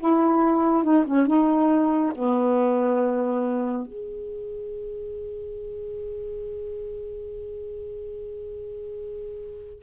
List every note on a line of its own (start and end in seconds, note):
0.00 0.84 E4
0.84 1.05 D#4
1.07 1.27 C#4
1.27 2.13 D#4
2.15 3.87 B3
3.87 9.83 G#4